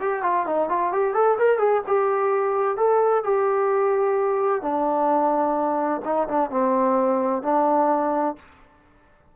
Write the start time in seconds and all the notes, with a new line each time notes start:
0.00 G4
0.23 F4
0.46 D#4
0.69 F4
0.92 G4
1.14 A4
1.38 A#4
1.59 G#4
1.87 G4
2.77 A4
3.24 G4
4.62 D4
6.04 D#4
6.28 D4
6.50 C4
7.43 D4